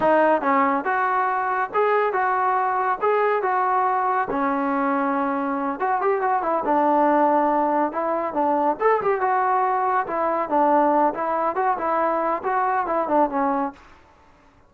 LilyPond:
\new Staff \with { instrumentName = "trombone" } { \time 4/4 \tempo 4 = 140 dis'4 cis'4 fis'2 | gis'4 fis'2 gis'4 | fis'2 cis'2~ | cis'4. fis'8 g'8 fis'8 e'8 d'8~ |
d'2~ d'8 e'4 d'8~ | d'8 a'8 g'8 fis'2 e'8~ | e'8 d'4. e'4 fis'8 e'8~ | e'4 fis'4 e'8 d'8 cis'4 | }